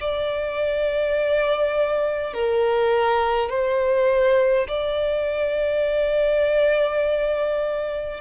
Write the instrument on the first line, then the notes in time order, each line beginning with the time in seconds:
violin
0.00 D5
2.33 A#4
3.49 C5
4.68 D5